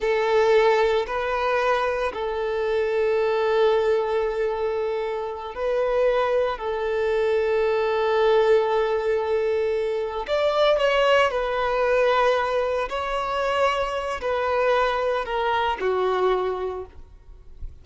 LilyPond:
\new Staff \with { instrumentName = "violin" } { \time 4/4 \tempo 4 = 114 a'2 b'2 | a'1~ | a'2~ a'8 b'4.~ | b'8 a'2.~ a'8~ |
a'2.~ a'8 d''8~ | d''8 cis''4 b'2~ b'8~ | b'8 cis''2~ cis''8 b'4~ | b'4 ais'4 fis'2 | }